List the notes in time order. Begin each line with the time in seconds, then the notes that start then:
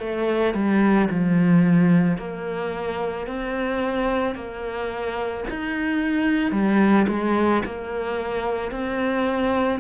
0.00 A3
0.55 G3
1.11 F3
2.18 A#3
3.27 C4
4.36 A#3
5.50 D#4
6.52 G3
7.09 G#3
7.66 A#3
8.72 C4